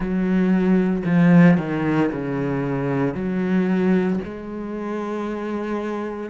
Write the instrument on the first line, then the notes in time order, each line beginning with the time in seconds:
cello
0.00 F#3
1.05 F3
1.57 D#3
2.11 C#3
3.14 F#3
4.24 G#3